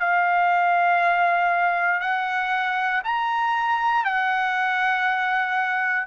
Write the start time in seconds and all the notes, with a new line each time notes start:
0.00 F5
2.01 F#5
3.05 A#5
4.05 F#5